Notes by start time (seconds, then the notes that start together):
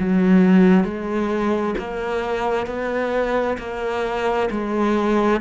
0.00 F#3
0.84 G#3
1.79 A#3
2.67 B3
3.59 A#3
4.51 G#3